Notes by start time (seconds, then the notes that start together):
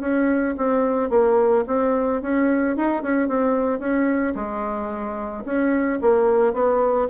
0.00 C#4
0.57 C4
1.10 A#3
1.67 C4
2.22 C#4
2.76 D#4
3.02 C#4
3.28 C4
3.79 C#4
4.35 G#3
5.45 C#4
6.01 A#3
6.53 B3